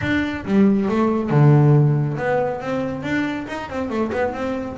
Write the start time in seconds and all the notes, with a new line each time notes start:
0.01 D4
0.45 G3
0.89 A3
1.30 D3
2.17 B3
2.60 C4
3.02 D4
3.47 D#4
3.69 C4
3.89 A3
4.12 B3
4.33 C4